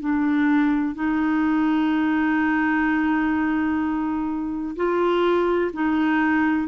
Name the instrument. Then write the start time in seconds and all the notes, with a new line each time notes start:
clarinet
0.00 D4
0.95 D#4
4.76 F4
5.73 D#4